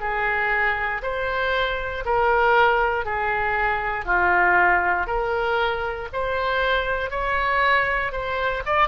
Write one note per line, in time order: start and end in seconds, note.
0.00 1.02 G#4
1.02 2.04 C5
2.05 3.05 A#4
3.05 4.05 G#4
4.05 5.06 F4
5.06 6.08 A#4
6.12 7.10 C5
7.10 8.12 C#5
8.12 8.63 C5
8.65 8.88 D5